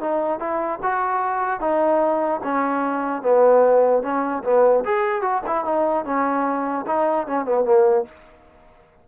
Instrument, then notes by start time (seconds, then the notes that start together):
trombone
0.00 D#4
0.39 E4
0.82 F#4
1.60 D#4
2.43 C#4
3.22 B3
4.02 C#4
4.43 B3
4.84 G#4
5.21 F#4
5.46 E4
5.64 D#4
6.04 C#4
6.86 D#4
7.26 C#4
7.45 B3
7.64 A#3